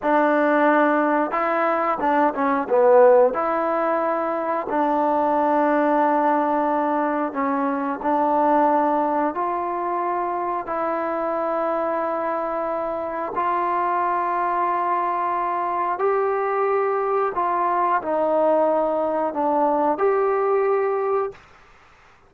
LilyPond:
\new Staff \with { instrumentName = "trombone" } { \time 4/4 \tempo 4 = 90 d'2 e'4 d'8 cis'8 | b4 e'2 d'4~ | d'2. cis'4 | d'2 f'2 |
e'1 | f'1 | g'2 f'4 dis'4~ | dis'4 d'4 g'2 | }